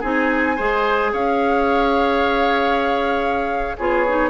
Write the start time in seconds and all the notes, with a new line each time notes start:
0.00 C4 D#4 G#4 G#5
0.56 G#3 G#4 C5
1.12 C#4 C#5 F5
3.77 B3 F4 G#4 C#5
4.07 D#4